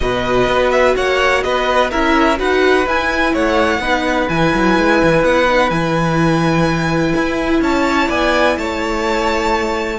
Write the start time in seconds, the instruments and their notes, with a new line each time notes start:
0.00 cello B2, viola F#4, violin B4 D#5
0.47 cello B3
0.70 violin E5
0.96 cello A#3, violin C#5 F#5
1.42 cello B3, violin B4 D#5
1.90 cello C#4, viola E4, violin A#4 E5
2.37 cello D#4, viola F#4, violin B4 F#5
2.86 cello E4, viola E4, violin G#5
3.33 cello A3, violin C#5 F#5
3.78 cello B3, viola D#4, violin B4
4.28 cello E3, viola E4, violin G#5
4.54 cello F#3
4.78 cello G#3
5.02 cello E3
5.23 cello B3, violin F#5
5.47 viola D#4
5.70 cello E3, viola E4, violin G#5
7.15 cello E4
7.61 cello C#4, violin C#5 A5
8.08 cello B3, violin D5 G#5
8.57 cello A3, violin C#5 A5